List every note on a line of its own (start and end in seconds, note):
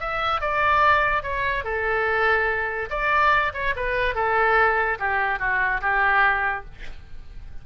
0.00 0.41 E5
0.41 1.23 D5
1.23 1.64 C#5
1.64 2.89 A4
2.90 3.52 D5
3.54 3.74 C#5
3.76 4.15 B4
4.15 4.98 A4
4.99 5.39 G4
5.39 5.81 F#4
5.81 6.65 G4